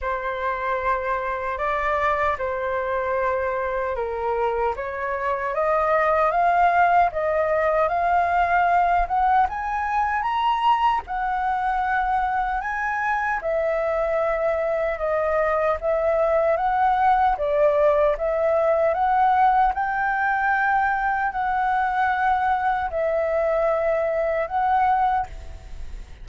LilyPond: \new Staff \with { instrumentName = "flute" } { \time 4/4 \tempo 4 = 76 c''2 d''4 c''4~ | c''4 ais'4 cis''4 dis''4 | f''4 dis''4 f''4. fis''8 | gis''4 ais''4 fis''2 |
gis''4 e''2 dis''4 | e''4 fis''4 d''4 e''4 | fis''4 g''2 fis''4~ | fis''4 e''2 fis''4 | }